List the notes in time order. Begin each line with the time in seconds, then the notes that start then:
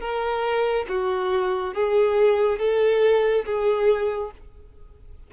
0.00 A#4
0.88 F#4
1.74 G#4
2.59 A4
3.45 G#4